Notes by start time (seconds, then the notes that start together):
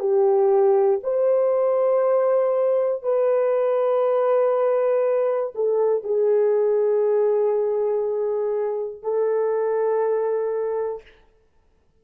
0.00 G4
1.03 C5
3.03 B4
5.55 A4
6.04 G#4
9.03 A4